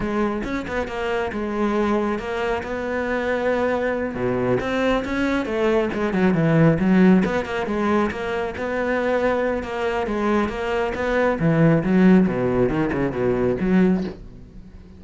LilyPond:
\new Staff \with { instrumentName = "cello" } { \time 4/4 \tempo 4 = 137 gis4 cis'8 b8 ais4 gis4~ | gis4 ais4 b2~ | b4. b,4 c'4 cis'8~ | cis'8 a4 gis8 fis8 e4 fis8~ |
fis8 b8 ais8 gis4 ais4 b8~ | b2 ais4 gis4 | ais4 b4 e4 fis4 | b,4 dis8 cis8 b,4 fis4 | }